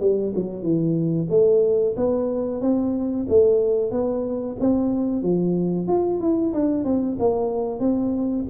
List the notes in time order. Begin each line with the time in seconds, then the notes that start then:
0.00 G3
0.35 F#3
0.63 E3
1.30 A3
1.96 B3
2.61 C4
3.29 A3
3.91 B3
4.60 C4
5.23 F3
5.88 F4
6.20 E4
6.53 D4
6.84 C4
7.19 A#3
7.80 C4